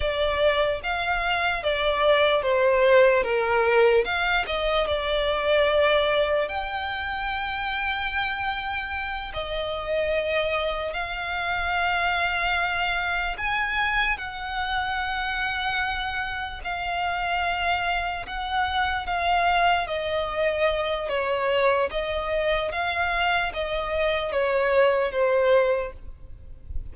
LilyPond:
\new Staff \with { instrumentName = "violin" } { \time 4/4 \tempo 4 = 74 d''4 f''4 d''4 c''4 | ais'4 f''8 dis''8 d''2 | g''2.~ g''8 dis''8~ | dis''4. f''2~ f''8~ |
f''8 gis''4 fis''2~ fis''8~ | fis''8 f''2 fis''4 f''8~ | f''8 dis''4. cis''4 dis''4 | f''4 dis''4 cis''4 c''4 | }